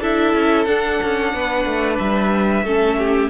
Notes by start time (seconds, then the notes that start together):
0.00 D4 E4 A4 E5
0.34 C#4
0.64 D4 F#5
1.02 C#4
1.33 B3 B4
1.65 A3
1.98 G3 E5
2.62 A3 C#4 A4
2.98 G4